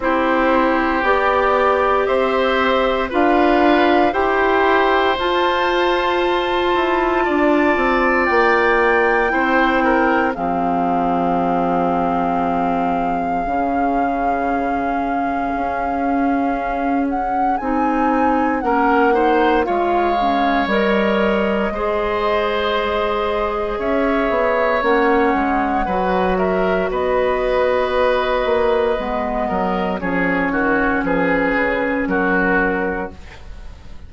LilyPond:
<<
  \new Staff \with { instrumentName = "flute" } { \time 4/4 \tempo 4 = 58 c''4 d''4 e''4 f''4 | g''4 a''2. | g''2 f''2~ | f''1~ |
f''8 fis''8 gis''4 fis''4 f''4 | dis''2. e''4 | fis''4. e''8 dis''2~ | dis''4 cis''4 b'4 ais'4 | }
  \new Staff \with { instrumentName = "oboe" } { \time 4/4 g'2 c''4 b'4 | c''2. d''4~ | d''4 c''8 ais'8 gis'2~ | gis'1~ |
gis'2 ais'8 c''8 cis''4~ | cis''4 c''2 cis''4~ | cis''4 b'8 ais'8 b'2~ | b'8 ais'8 gis'8 fis'8 gis'4 fis'4 | }
  \new Staff \with { instrumentName = "clarinet" } { \time 4/4 e'4 g'2 f'4 | g'4 f'2.~ | f'4 e'4 c'2~ | c'4 cis'2.~ |
cis'4 dis'4 cis'8 dis'8 f'8 cis'8 | ais'4 gis'2. | cis'4 fis'2. | b4 cis'2. | }
  \new Staff \with { instrumentName = "bassoon" } { \time 4/4 c'4 b4 c'4 d'4 | e'4 f'4. e'8 d'8 c'8 | ais4 c'4 f2~ | f4 cis2 cis'4~ |
cis'4 c'4 ais4 gis4 | g4 gis2 cis'8 b8 | ais8 gis8 fis4 b4. ais8 | gis8 fis8 f8 dis8 f8 cis8 fis4 | }
>>